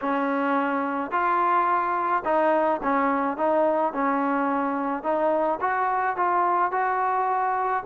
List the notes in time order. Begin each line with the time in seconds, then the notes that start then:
0.01 C#4
1.11 F4
2.24 D#4
2.83 C#4
3.37 D#4
3.93 C#4
5.03 D#4
5.60 F#4
6.16 F4
6.71 F#4